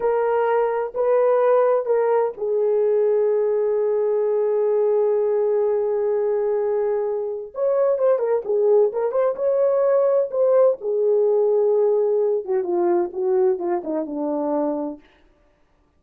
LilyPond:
\new Staff \with { instrumentName = "horn" } { \time 4/4 \tempo 4 = 128 ais'2 b'2 | ais'4 gis'2.~ | gis'1~ | gis'1 |
cis''4 c''8 ais'8 gis'4 ais'8 c''8 | cis''2 c''4 gis'4~ | gis'2~ gis'8 fis'8 f'4 | fis'4 f'8 dis'8 d'2 | }